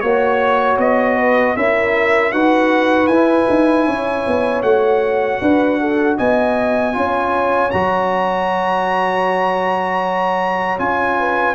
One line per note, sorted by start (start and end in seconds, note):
0.00 0.78 A#3
0.00 1.57 F#4
0.00 0.77 C#5
0.00 1.17 C#5
0.78 1.55 B3
0.78 1.56 D#5
1.17 1.55 B4
1.56 2.33 C#4
1.56 2.33 E4
1.56 2.33 A#4
1.56 2.32 E5
2.32 3.08 D#4
2.32 3.10 F#4
2.32 3.87 B4
2.32 3.07 F#5
3.07 3.46 E4
3.07 4.64 E4
3.07 4.61 G#5
3.49 3.88 D#4
3.87 4.26 C#4
3.87 5.41 C#5
4.27 4.63 B3
4.62 5.40 A3
4.62 6.93 F#4
4.62 6.16 F#5
5.41 6.18 D4
5.41 5.80 B4
5.80 6.17 A4
6.17 6.96 B3
6.17 6.94 D#5
6.17 7.71 G#5
6.93 7.73 C#4
6.93 7.70 F4
6.93 11.19 C#5
7.71 10.79 F#3
7.71 10.79 F#4
7.71 10.78 A#5
10.79 11.55 C#4
10.79 11.55 F4
10.79 11.55 G#5
11.19 11.55 B4